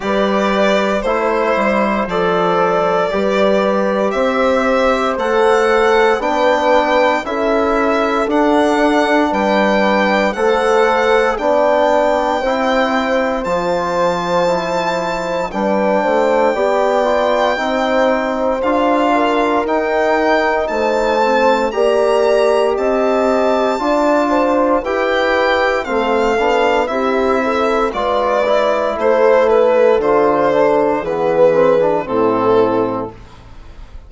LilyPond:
<<
  \new Staff \with { instrumentName = "violin" } { \time 4/4 \tempo 4 = 58 d''4 c''4 d''2 | e''4 fis''4 g''4 e''4 | fis''4 g''4 fis''4 g''4~ | g''4 a''2 g''4~ |
g''2 f''4 g''4 | a''4 ais''4 a''2 | g''4 f''4 e''4 d''4 | c''8 b'8 c''4 b'4 a'4 | }
  \new Staff \with { instrumentName = "horn" } { \time 4/4 b'4 c''2 b'4 | c''2 b'4 a'4~ | a'4 b'4 c''4 d''4 | c''2. b'8 c''8 |
d''4 c''4. ais'4. | c''4 d''4 dis''4 d''8 c''8 | b'4 a'4 g'8 a'8 b'4 | a'2 gis'4 e'4 | }
  \new Staff \with { instrumentName = "trombone" } { \time 4/4 g'4 e'4 a'4 g'4~ | g'4 a'4 d'4 e'4 | d'2 a'4 d'4 | e'4 f'4 e'4 d'4 |
g'8 f'8 dis'4 f'4 dis'4~ | dis'8 c'8 g'2 f'4 | g'4 c'8 d'8 e'4 f'8 e'8~ | e'4 f'8 d'8 b8 c'16 d'16 c'4 | }
  \new Staff \with { instrumentName = "bassoon" } { \time 4/4 g4 a8 g8 f4 g4 | c'4 a4 b4 cis'4 | d'4 g4 a4 b4 | c'4 f2 g8 a8 |
b4 c'4 d'4 dis'4 | a4 ais4 c'4 d'4 | e'4 a8 b8 c'4 gis4 | a4 d4 e4 a,4 | }
>>